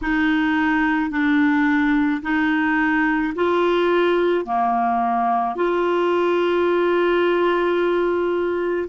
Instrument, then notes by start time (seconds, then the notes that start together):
clarinet
0.01 D#4
1.10 D4
2.22 D#4
3.35 F4
4.44 A#3
5.55 F4